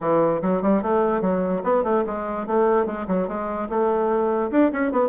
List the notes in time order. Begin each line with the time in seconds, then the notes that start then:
0.01 E3
0.42 F#3
0.61 G3
0.82 A3
1.21 F#3
1.63 B3
1.83 A3
2.06 G#3
2.47 A3
2.86 G#3
3.07 F#3
3.28 G#3
3.69 A3
4.51 D4
4.72 C#4
4.92 B3